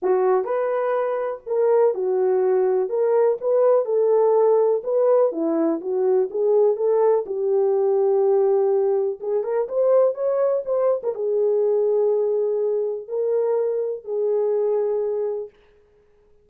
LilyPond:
\new Staff \with { instrumentName = "horn" } { \time 4/4 \tempo 4 = 124 fis'4 b'2 ais'4 | fis'2 ais'4 b'4 | a'2 b'4 e'4 | fis'4 gis'4 a'4 g'4~ |
g'2. gis'8 ais'8 | c''4 cis''4 c''8. ais'16 gis'4~ | gis'2. ais'4~ | ais'4 gis'2. | }